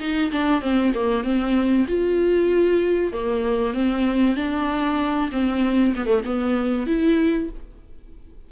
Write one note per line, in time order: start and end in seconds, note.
0.00 0.31 D#4
0.32 0.62 D4
0.62 0.93 C4
0.95 1.24 A#3
1.24 1.87 C4
1.88 3.13 F4
3.13 3.74 A#3
3.74 4.37 C4
4.37 5.30 D4
5.32 5.95 C4
5.96 6.06 B3
6.06 6.22 A3
6.26 6.87 B3
6.87 7.50 E4